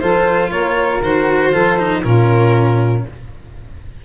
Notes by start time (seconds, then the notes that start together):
0.00 F3 F4 A4 C5
0.50 A#3 A#4 C#5
1.03 D#3 F#4 C5
1.50 F3 F4 A4
1.78 D#4
2.04 A#2 C#4 F4 A#4